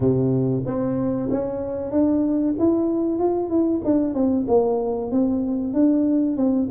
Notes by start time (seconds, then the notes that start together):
0.00 C3
0.66 C4
1.31 C#4
1.91 D4
2.59 E4
3.18 F4
3.49 E4
3.84 D4
4.13 C4
4.47 A#3
5.11 C4
5.73 D4
6.37 C4